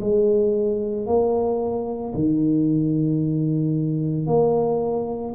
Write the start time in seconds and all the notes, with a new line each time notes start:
0.00 G#3
1.06 A#3
2.14 D#3
4.27 A#3